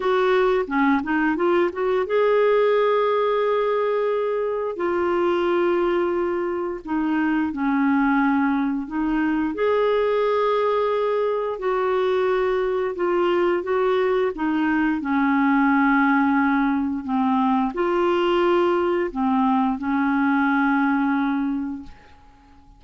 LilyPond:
\new Staff \with { instrumentName = "clarinet" } { \time 4/4 \tempo 4 = 88 fis'4 cis'8 dis'8 f'8 fis'8 gis'4~ | gis'2. f'4~ | f'2 dis'4 cis'4~ | cis'4 dis'4 gis'2~ |
gis'4 fis'2 f'4 | fis'4 dis'4 cis'2~ | cis'4 c'4 f'2 | c'4 cis'2. | }